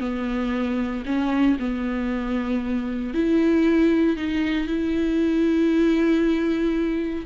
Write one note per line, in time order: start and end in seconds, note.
0.00 1.03 B3
1.05 1.57 C#4
1.59 3.14 B3
3.14 4.16 E4
4.16 4.67 D#4
4.67 7.26 E4